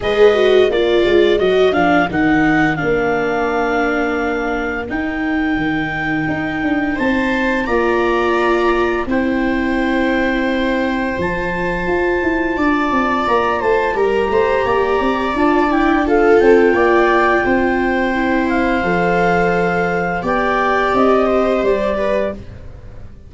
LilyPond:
<<
  \new Staff \with { instrumentName = "clarinet" } { \time 4/4 \tempo 4 = 86 dis''4 d''4 dis''8 f''8 fis''4 | f''2. g''4~ | g''2 a''4 ais''4~ | ais''4 g''2. |
a''2. ais''8 a''8 | ais''2 a''8 g''8 f''8 g''8~ | g''2~ g''8 f''4.~ | f''4 g''4 dis''4 d''4 | }
  \new Staff \with { instrumentName = "viola" } { \time 4/4 b'4 ais'2.~ | ais'1~ | ais'2 c''4 d''4~ | d''4 c''2.~ |
c''2 d''4. c''8 | ais'8 c''8 d''2 a'4 | d''4 c''2.~ | c''4 d''4. c''4 b'8 | }
  \new Staff \with { instrumentName = "viola" } { \time 4/4 gis'8 fis'8 f'4 fis'8 d'8 dis'4 | d'2. dis'4~ | dis'2. f'4~ | f'4 e'2. |
f'1 | g'2 f'8 e'8 f'4~ | f'2 e'4 a'4~ | a'4 g'2. | }
  \new Staff \with { instrumentName = "tuba" } { \time 4/4 gis4 ais8 gis8 fis8 f8 dis4 | ais2. dis'4 | dis4 dis'8 d'8 c'4 ais4~ | ais4 c'2. |
f4 f'8 e'8 d'8 c'8 ais8 a8 | g8 a8 ais8 c'8 d'4. c'8 | ais4 c'2 f4~ | f4 b4 c'4 g4 | }
>>